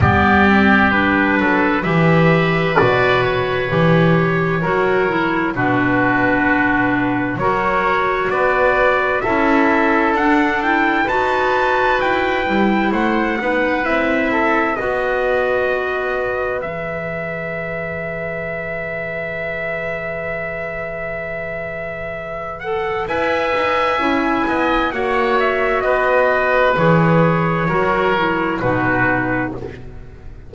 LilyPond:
<<
  \new Staff \with { instrumentName = "trumpet" } { \time 4/4 \tempo 4 = 65 d''4 b'4 e''4 d''8 cis''8~ | cis''2 b'2 | cis''4 d''4 e''4 fis''8 g''8 | a''4 g''4 fis''4 e''4 |
dis''2 e''2~ | e''1~ | e''8 fis''8 gis''2 fis''8 e''8 | dis''4 cis''2 b'4 | }
  \new Staff \with { instrumentName = "oboe" } { \time 4/4 g'4. a'8 b'2~ | b'4 ais'4 fis'2 | ais'4 b'4 a'2 | b'2 c''8 b'4 a'8 |
b'1~ | b'1~ | b'4 e''4. dis''8 cis''4 | b'2 ais'4 fis'4 | }
  \new Staff \with { instrumentName = "clarinet" } { \time 4/4 b8 c'8 d'4 g'4 fis'4 | g'4 fis'8 e'8 d'2 | fis'2 e'4 d'8 e'8 | fis'4. e'4 dis'8 e'4 |
fis'2 gis'2~ | gis'1~ | gis'8 a'8 b'4 e'4 fis'4~ | fis'4 gis'4 fis'8 e'8 dis'4 | }
  \new Staff \with { instrumentName = "double bass" } { \time 4/4 g4. fis8 e4 b,4 | e4 fis4 b,2 | fis4 b4 cis'4 d'4 | dis'4 e'8 g8 a8 b8 c'4 |
b2 e2~ | e1~ | e4 e'8 dis'8 cis'8 b8 ais4 | b4 e4 fis4 b,4 | }
>>